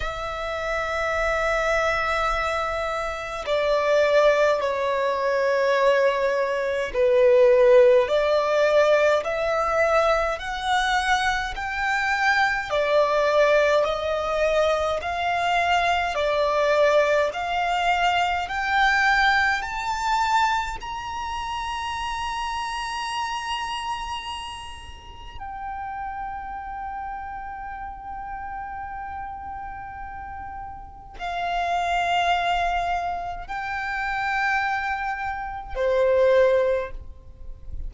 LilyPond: \new Staff \with { instrumentName = "violin" } { \time 4/4 \tempo 4 = 52 e''2. d''4 | cis''2 b'4 d''4 | e''4 fis''4 g''4 d''4 | dis''4 f''4 d''4 f''4 |
g''4 a''4 ais''2~ | ais''2 g''2~ | g''2. f''4~ | f''4 g''2 c''4 | }